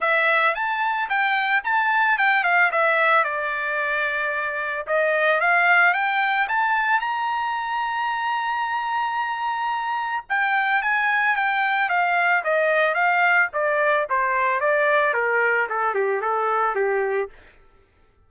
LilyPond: \new Staff \with { instrumentName = "trumpet" } { \time 4/4 \tempo 4 = 111 e''4 a''4 g''4 a''4 | g''8 f''8 e''4 d''2~ | d''4 dis''4 f''4 g''4 | a''4 ais''2.~ |
ais''2. g''4 | gis''4 g''4 f''4 dis''4 | f''4 d''4 c''4 d''4 | ais'4 a'8 g'8 a'4 g'4 | }